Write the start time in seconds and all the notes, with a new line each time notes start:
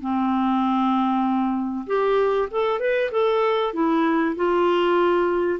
0.00 C4
1.86 G4
2.51 A4
2.79 B4
3.11 A4
3.73 E4
4.35 F4